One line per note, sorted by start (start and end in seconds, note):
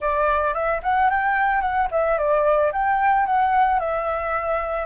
0.00 0.54 D5
0.54 0.81 E5
0.83 1.10 F#5
1.10 1.61 G5
1.61 1.88 F#5
1.91 2.17 E5
2.17 2.71 D5
2.72 3.26 G5
3.26 3.79 F#5
3.79 4.86 E5